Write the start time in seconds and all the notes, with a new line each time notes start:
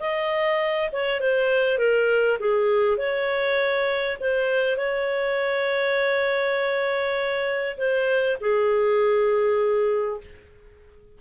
0.00 D#5
0.93 C#5
1.21 C5
1.78 A#4
2.40 G#4
2.98 C#5
4.21 C5
4.77 C#5
7.78 C5
8.41 G#4